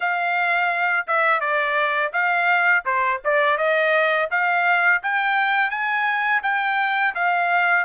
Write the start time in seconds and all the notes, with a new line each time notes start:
0.00 F5
1.07 E5
1.40 D5
2.12 F5
2.85 C5
3.24 D5
3.57 D#5
4.30 F5
5.02 G5
5.70 G#5
6.43 G5
7.14 F5